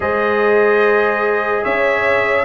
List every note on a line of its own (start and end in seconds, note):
0.00 1.63 G#3
0.00 2.45 G#4
0.00 1.63 C5
0.00 1.64 D#5
1.63 2.45 C#4
1.63 2.45 C#5
1.63 2.45 E5